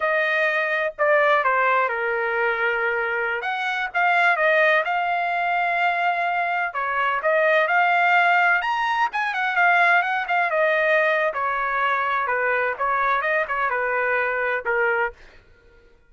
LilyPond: \new Staff \with { instrumentName = "trumpet" } { \time 4/4 \tempo 4 = 127 dis''2 d''4 c''4 | ais'2.~ ais'16 fis''8.~ | fis''16 f''4 dis''4 f''4.~ f''16~ | f''2~ f''16 cis''4 dis''8.~ |
dis''16 f''2 ais''4 gis''8 fis''16~ | fis''16 f''4 fis''8 f''8 dis''4.~ dis''16 | cis''2 b'4 cis''4 | dis''8 cis''8 b'2 ais'4 | }